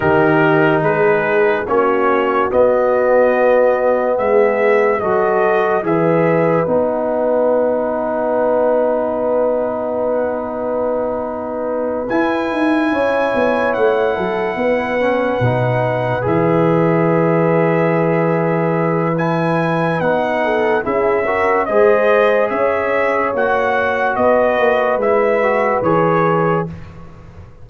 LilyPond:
<<
  \new Staff \with { instrumentName = "trumpet" } { \time 4/4 \tempo 4 = 72 ais'4 b'4 cis''4 dis''4~ | dis''4 e''4 dis''4 e''4 | fis''1~ | fis''2~ fis''8 gis''4.~ |
gis''8 fis''2. e''8~ | e''2. gis''4 | fis''4 e''4 dis''4 e''4 | fis''4 dis''4 e''4 cis''4 | }
  \new Staff \with { instrumentName = "horn" } { \time 4/4 g'4 gis'4 fis'2~ | fis'4 gis'4 a'4 b'4~ | b'1~ | b'2.~ b'8 cis''8~ |
cis''4 a'8 b'2~ b'8~ | b'1~ | b'8 a'8 gis'8 ais'8 c''4 cis''4~ | cis''4 b'2. | }
  \new Staff \with { instrumentName = "trombone" } { \time 4/4 dis'2 cis'4 b4~ | b2 fis'4 gis'4 | dis'1~ | dis'2~ dis'8 e'4.~ |
e'2 cis'8 dis'4 gis'8~ | gis'2. e'4 | dis'4 e'8 fis'8 gis'2 | fis'2 e'8 fis'8 gis'4 | }
  \new Staff \with { instrumentName = "tuba" } { \time 4/4 dis4 gis4 ais4 b4~ | b4 gis4 fis4 e4 | b1~ | b2~ b8 e'8 dis'8 cis'8 |
b8 a8 fis8 b4 b,4 e8~ | e1 | b4 cis'4 gis4 cis'4 | ais4 b8 ais8 gis4 e4 | }
>>